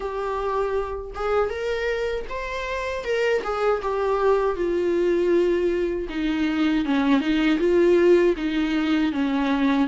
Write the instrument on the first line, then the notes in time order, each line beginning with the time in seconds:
viola
0.00 G4
1.14 G#4
1.49 A#4
2.29 C5
3.04 A#4
3.43 G#4
3.82 G4
4.55 F4
6.09 D#4
6.85 C#4
7.20 D#4
7.59 F4
8.36 D#4
9.12 C#4